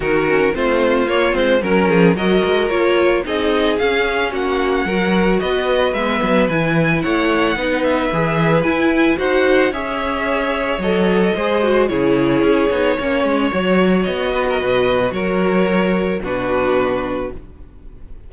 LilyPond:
<<
  \new Staff \with { instrumentName = "violin" } { \time 4/4 \tempo 4 = 111 ais'4 c''4 cis''8 c''8 ais'4 | dis''4 cis''4 dis''4 f''4 | fis''2 dis''4 e''4 | gis''4 fis''4. e''4. |
gis''4 fis''4 e''2 | dis''2 cis''2~ | cis''2 dis''2 | cis''2 b'2 | }
  \new Staff \with { instrumentName = "violin" } { \time 4/4 fis'4 f'2 ais'8 gis'8 | ais'2 gis'2 | fis'4 ais'4 b'2~ | b'4 cis''4 b'2~ |
b'4 c''4 cis''2~ | cis''4 c''4 gis'2 | cis''2~ cis''8 b'16 ais'16 b'4 | ais'2 fis'2 | }
  \new Staff \with { instrumentName = "viola" } { \time 4/4 dis'8 cis'8 c'4 ais8 c'8 cis'4 | fis'4 f'4 dis'4 cis'4~ | cis'4 fis'2 b4 | e'2 dis'4 gis'4 |
e'4 fis'4 gis'2 | a'4 gis'8 fis'8 e'4. dis'8 | cis'4 fis'2.~ | fis'2 d'2 | }
  \new Staff \with { instrumentName = "cello" } { \time 4/4 dis4 a4 ais8 gis8 fis8 f8 | fis8 gis8 ais4 c'4 cis'4 | ais4 fis4 b4 gis8 fis8 | e4 a4 b4 e4 |
e'4 dis'4 cis'2 | fis4 gis4 cis4 cis'8 b8 | ais8 gis8 fis4 b4 b,4 | fis2 b,2 | }
>>